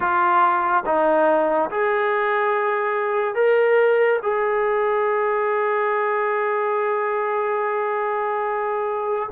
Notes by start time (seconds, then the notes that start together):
0.00 F4
0.85 D#4
1.70 G#4
3.35 A#4
4.22 G#4